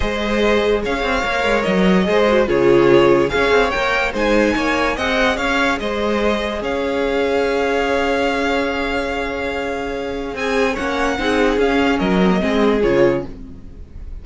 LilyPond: <<
  \new Staff \with { instrumentName = "violin" } { \time 4/4 \tempo 4 = 145 dis''2 f''2 | dis''2 cis''2 | f''4 g''4 gis''2 | fis''4 f''4 dis''2 |
f''1~ | f''1~ | f''4 gis''4 fis''2 | f''4 dis''2 cis''4 | }
  \new Staff \with { instrumentName = "violin" } { \time 4/4 c''2 cis''2~ | cis''4 c''4 gis'2 | cis''2 c''4 cis''4 | dis''4 cis''4 c''2 |
cis''1~ | cis''1~ | cis''4 gis'4 cis''4 gis'4~ | gis'4 ais'4 gis'2 | }
  \new Staff \with { instrumentName = "viola" } { \time 4/4 gis'2. ais'4~ | ais'4 gis'8 fis'8 f'2 | gis'4 ais'4 dis'2 | gis'1~ |
gis'1~ | gis'1~ | gis'2 cis'4 dis'4 | cis'4. c'16 ais16 c'4 f'4 | }
  \new Staff \with { instrumentName = "cello" } { \time 4/4 gis2 cis'8 c'8 ais8 gis8 | fis4 gis4 cis2 | cis'8 c'8 ais4 gis4 ais4 | c'4 cis'4 gis2 |
cis'1~ | cis'1~ | cis'4 c'4 ais4 c'4 | cis'4 fis4 gis4 cis4 | }
>>